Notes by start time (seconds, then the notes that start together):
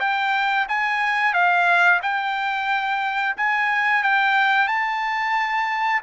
0.00 G5
0.68 G#5
1.33 F5
2.02 G5
3.37 G#5
4.03 G5
4.67 A5